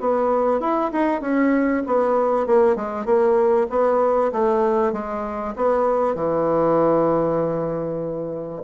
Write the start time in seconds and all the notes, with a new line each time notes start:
0.00 B3
0.60 E4
0.92 D#4
1.21 C#4
1.86 B3
2.46 A#3
2.76 G#3
3.05 A#3
3.69 B3
4.32 A3
4.92 G#3
5.56 B3
6.15 E3